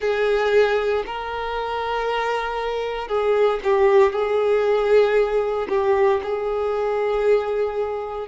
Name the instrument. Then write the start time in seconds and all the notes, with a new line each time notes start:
violin
0.00 G#4
1.06 A#4
3.08 G#4
3.63 G4
4.12 G#4
5.68 G4
6.23 G#4